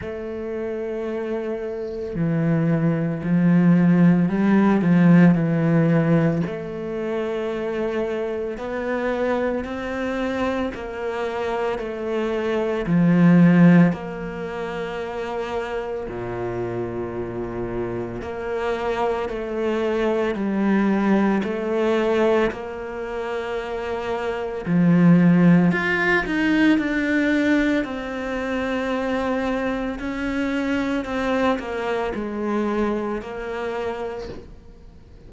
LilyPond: \new Staff \with { instrumentName = "cello" } { \time 4/4 \tempo 4 = 56 a2 e4 f4 | g8 f8 e4 a2 | b4 c'4 ais4 a4 | f4 ais2 ais,4~ |
ais,4 ais4 a4 g4 | a4 ais2 f4 | f'8 dis'8 d'4 c'2 | cis'4 c'8 ais8 gis4 ais4 | }